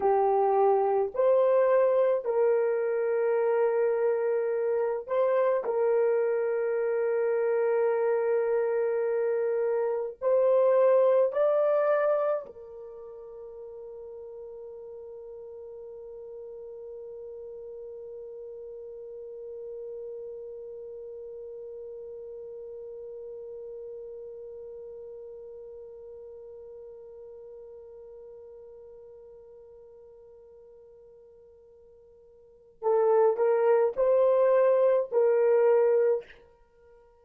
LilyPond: \new Staff \with { instrumentName = "horn" } { \time 4/4 \tempo 4 = 53 g'4 c''4 ais'2~ | ais'8 c''8 ais'2.~ | ais'4 c''4 d''4 ais'4~ | ais'1~ |
ais'1~ | ais'1~ | ais'1~ | ais'4 a'8 ais'8 c''4 ais'4 | }